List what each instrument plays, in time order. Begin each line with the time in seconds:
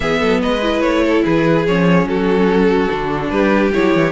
0.00 cello E3, viola B3, violin G#4 E5
0.19 cello F#3, violin A4
0.42 cello G#3, violin B4 D#5
0.62 viola E4
0.81 cello A3, violin C#5
1.04 violin A4
1.24 cello E3, violin G#4 B4
1.66 cello F3, viola C#4, violin C#5
2.05 cello F#3, violin F#4 A4
2.89 cello D3, viola D4
3.30 cello G3, violin G4 B4
3.73 cello F#3, viola E4, violin C#5
3.94 cello E3